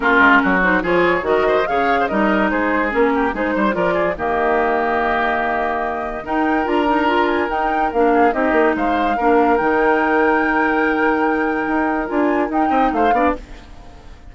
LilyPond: <<
  \new Staff \with { instrumentName = "flute" } { \time 4/4 \tempo 4 = 144 ais'4. c''8 cis''4 dis''4 | f''4 dis''4 c''4 ais'4 | c''4 d''4 dis''2~ | dis''2. g''4 |
ais''4. gis''8 g''4 f''4 | dis''4 f''2 g''4~ | g''1~ | g''4 gis''4 g''4 f''4 | }
  \new Staff \with { instrumentName = "oboe" } { \time 4/4 f'4 fis'4 gis'4 ais'8 c''8 | cis''8. c''16 ais'4 gis'4. g'8 | gis'8 c''8 ais'8 gis'8 g'2~ | g'2. ais'4~ |
ais'2.~ ais'8 gis'8 | g'4 c''4 ais'2~ | ais'1~ | ais'2~ ais'8 dis''8 c''8 d''8 | }
  \new Staff \with { instrumentName = "clarinet" } { \time 4/4 cis'4. dis'8 f'4 fis'4 | gis'4 dis'2 cis'4 | dis'4 f'4 ais2~ | ais2. dis'4 |
f'8 dis'8 f'4 dis'4 d'4 | dis'2 d'4 dis'4~ | dis'1~ | dis'4 f'4 dis'4. d'8 | }
  \new Staff \with { instrumentName = "bassoon" } { \time 4/4 ais8 gis8 fis4 f4 dis4 | cis4 g4 gis4 ais4 | gis8 g8 f4 dis2~ | dis2. dis'4 |
d'2 dis'4 ais4 | c'8 ais8 gis4 ais4 dis4~ | dis1 | dis'4 d'4 dis'8 c'8 a8 b8 | }
>>